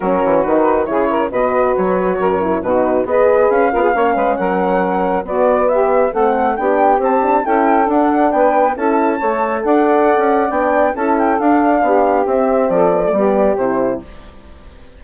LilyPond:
<<
  \new Staff \with { instrumentName = "flute" } { \time 4/4 \tempo 4 = 137 ais'4 b'4 cis''4 dis''4 | cis''2 b'4 dis''4 | f''2 fis''2 | d''4 e''4 fis''4 g''4 |
a''4 g''4 fis''4 g''4 | a''2 fis''2 | g''4 a''8 g''8 f''2 | e''4 d''2 c''4 | }
  \new Staff \with { instrumentName = "saxophone" } { \time 4/4 fis'2 gis'8 ais'8 b'4~ | b'4 ais'4 fis'4 b'4~ | b'8 ais'16 gis'16 cis''8 b'8 ais'2 | fis'4 g'4 a'4 g'4~ |
g'4 a'2 b'4 | a'4 cis''4 d''2~ | d''4 a'2 g'4~ | g'4 a'4 g'2 | }
  \new Staff \with { instrumentName = "horn" } { \time 4/4 cis'4 dis'4 e'4 fis'4~ | fis'4. e'8 dis'4 gis'4~ | gis'8 f'8 cis'2. | b2 c'4 d'4 |
c'8 d'8 e'4 d'2 | e'4 a'2. | d'4 e'4 d'2 | c'4. b16 a16 b4 e'4 | }
  \new Staff \with { instrumentName = "bassoon" } { \time 4/4 fis8 e8 dis4 cis4 b,4 | fis4 fis,4 b,4 b4 | cis'8 b8 ais8 gis8 fis2 | b2 a4 b4 |
c'4 cis'4 d'4 b4 | cis'4 a4 d'4~ d'16 cis'8. | b4 cis'4 d'4 b4 | c'4 f4 g4 c4 | }
>>